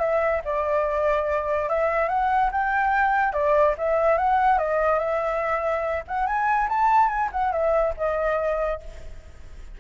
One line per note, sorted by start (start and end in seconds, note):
0.00 0.42 E5
0.45 1.69 D5
1.69 2.09 E5
2.09 2.50 F#5
2.52 3.33 G5
3.33 3.75 D5
3.78 4.18 E5
4.18 4.59 F#5
4.59 4.99 D#5
4.99 6.03 E5
6.08 6.27 F#5
6.27 6.69 G#5
6.69 7.09 A5
7.09 7.30 G#5
7.32 7.52 F#5
7.52 7.94 E5
7.97 8.80 D#5